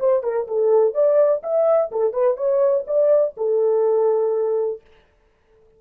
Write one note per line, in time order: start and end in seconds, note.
0.00 0.23 C5
0.23 0.47 A#4
0.48 0.94 A4
0.94 1.42 D5
1.43 1.91 E5
1.92 2.13 A4
2.13 2.37 B4
2.37 2.85 C#5
2.87 3.35 D5
3.37 4.81 A4